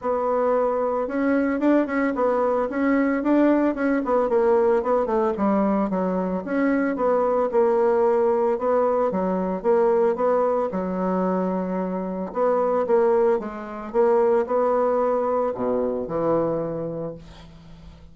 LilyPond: \new Staff \with { instrumentName = "bassoon" } { \time 4/4 \tempo 4 = 112 b2 cis'4 d'8 cis'8 | b4 cis'4 d'4 cis'8 b8 | ais4 b8 a8 g4 fis4 | cis'4 b4 ais2 |
b4 fis4 ais4 b4 | fis2. b4 | ais4 gis4 ais4 b4~ | b4 b,4 e2 | }